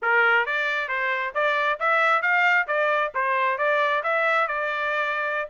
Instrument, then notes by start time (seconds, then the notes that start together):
trumpet
0.01 A#4
0.46 D5
0.88 C5
1.34 D5
1.79 E5
2.22 F5
2.67 D5
3.14 C5
3.57 D5
4.03 E5
4.47 D5